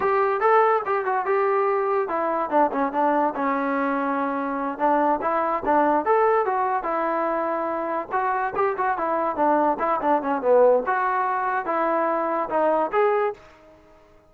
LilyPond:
\new Staff \with { instrumentName = "trombone" } { \time 4/4 \tempo 4 = 144 g'4 a'4 g'8 fis'8 g'4~ | g'4 e'4 d'8 cis'8 d'4 | cis'2.~ cis'8 d'8~ | d'8 e'4 d'4 a'4 fis'8~ |
fis'8 e'2. fis'8~ | fis'8 g'8 fis'8 e'4 d'4 e'8 | d'8 cis'8 b4 fis'2 | e'2 dis'4 gis'4 | }